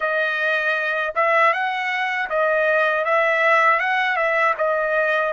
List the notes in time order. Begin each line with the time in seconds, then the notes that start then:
0.00 D#5
1.15 E5
1.53 F#5
2.29 D#5
3.04 E5
3.79 F#5
4.16 E5
4.57 D#5